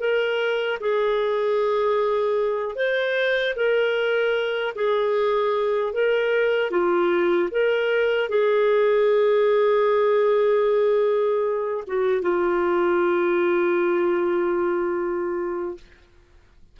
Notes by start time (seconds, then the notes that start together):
0.00 A#4
0.81 G#4
2.76 C5
3.56 A#4
4.75 G#4
5.93 A#4
6.71 F4
7.51 A#4
8.29 G#4
11.87 F#4
12.22 F4